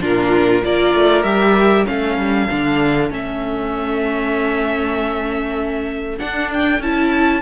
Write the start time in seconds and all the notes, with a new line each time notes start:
0.00 A#2 D4 F4 A#4
0.63 A#3 F4 A#4 D5
0.93 A3
1.22 G3 G4 E5
1.85 A3 C#4 A4 F5
2.16 G3
2.49 D3 D4
3.10 A3 C#4 E5
6.18 D4 F#5
6.53 G5
6.79 C#4 E4 A5